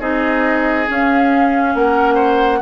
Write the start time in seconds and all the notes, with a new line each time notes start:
0.00 C4 D#4 G#4 D#5
0.87 C#4 F5
1.75 A#3 A#4 F#5
2.14 C5